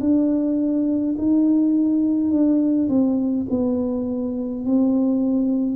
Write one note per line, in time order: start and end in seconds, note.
0.00 1.15 D4
1.17 2.30 D#4
2.30 2.88 D4
2.88 3.46 C4
3.50 4.65 B3
4.65 5.76 C4